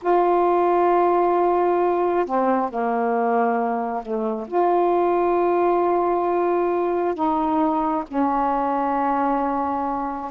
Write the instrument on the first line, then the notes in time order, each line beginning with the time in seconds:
saxophone
0.02 F4
2.25 C4
2.70 A#3
4.02 A3
4.47 F4
7.14 D#4
8.07 C#4